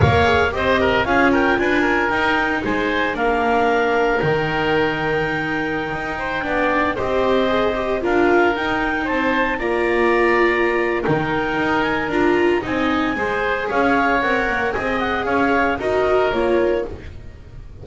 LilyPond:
<<
  \new Staff \with { instrumentName = "clarinet" } { \time 4/4 \tempo 4 = 114 f''4 dis''4 f''8 g''8 gis''4 | g''4 gis''4 f''2 | g''1~ | g''4~ g''16 dis''2 f''8.~ |
f''16 g''4 a''4 ais''4.~ ais''16~ | ais''4 g''4. gis''8 ais''4 | gis''2 f''4 fis''4 | gis''8 fis''8 f''4 dis''4 cis''4 | }
  \new Staff \with { instrumentName = "oboe" } { \time 4/4 cis''4 c''8 ais'8 gis'8 ais'8 b'8 ais'8~ | ais'4 c''4 ais'2~ | ais'2.~ ais'8. c''16~ | c''16 d''4 c''2 ais'8.~ |
ais'4~ ais'16 c''4 d''4.~ d''16~ | d''4 ais'2. | dis''4 c''4 cis''2 | dis''4 cis''4 ais'2 | }
  \new Staff \with { instrumentName = "viola" } { \time 4/4 ais'8 gis'8 g'4 f'2 | dis'2 d'2 | dis'1~ | dis'16 d'4 g'4 gis'8 g'8 f'8.~ |
f'16 dis'2 f'4.~ f'16~ | f'4 dis'2 f'4 | dis'4 gis'2 ais'4 | gis'2 fis'4 f'4 | }
  \new Staff \with { instrumentName = "double bass" } { \time 4/4 ais4 c'4 cis'4 d'4 | dis'4 gis4 ais2 | dis2.~ dis16 dis'8.~ | dis'16 b4 c'2 d'8.~ |
d'16 dis'4 c'4 ais4.~ ais16~ | ais4 dis4 dis'4 d'4 | c'4 gis4 cis'4 c'8 ais8 | c'4 cis'4 dis'4 ais4 | }
>>